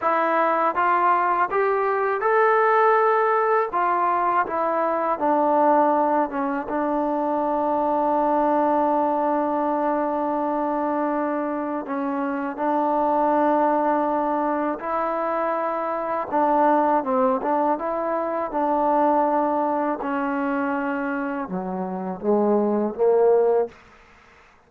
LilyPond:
\new Staff \with { instrumentName = "trombone" } { \time 4/4 \tempo 4 = 81 e'4 f'4 g'4 a'4~ | a'4 f'4 e'4 d'4~ | d'8 cis'8 d'2.~ | d'1 |
cis'4 d'2. | e'2 d'4 c'8 d'8 | e'4 d'2 cis'4~ | cis'4 fis4 gis4 ais4 | }